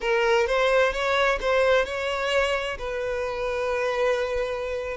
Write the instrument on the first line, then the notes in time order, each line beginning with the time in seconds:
violin
0.00 A#4
0.47 C5
0.92 C#5
1.41 C5
1.85 C#5
2.78 B4